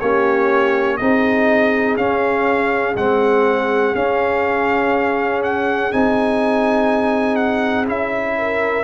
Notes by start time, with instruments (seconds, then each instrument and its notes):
0.00 tuba A#3, trombone C#4, horn G4, trumpet C#5
0.97 tuba C4, trombone D#4, horn G#4, trumpet D#5
1.97 tuba C#4, trombone C#4, trumpet F5
2.96 tuba G#3, trombone C4, trumpet F#5
3.95 tuba C#4, trombone C#4, trumpet F5
5.43 trumpet F#5
5.92 tuba C4, trombone D#4, trumpet G#5
7.36 trumpet F#5
7.85 tuba C#4, trombone E4, trumpet E5
8.38 horn A#4